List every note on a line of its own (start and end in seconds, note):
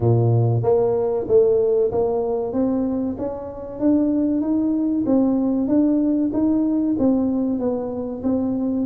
0.00 0.62 A#2
0.63 1.26 A#3
1.28 1.91 A3
1.91 2.52 A#3
2.52 3.16 C4
3.18 3.79 C#4
3.79 4.41 D4
4.41 5.04 D#4
5.06 5.67 C4
5.67 6.30 D4
6.33 6.96 D#4
6.98 7.59 C4
7.59 8.22 B3
8.23 8.86 C4